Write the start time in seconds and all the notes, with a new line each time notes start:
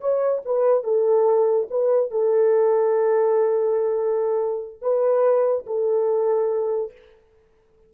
0.00 C#5
0.45 B4
0.84 A4
1.70 B4
2.11 A4
4.82 B4
5.66 A4